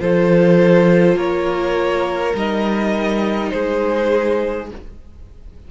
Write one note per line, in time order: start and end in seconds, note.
0.00 1.16 F3
0.00 2.34 F4
0.00 1.18 A4
0.00 1.19 C5
1.16 2.34 A#3
1.16 3.53 A#4
1.16 2.36 C#5
2.34 3.52 G3
2.34 4.69 D#4
2.34 3.51 D#5
3.51 4.72 G#3
3.51 4.71 G#4
3.51 4.69 C5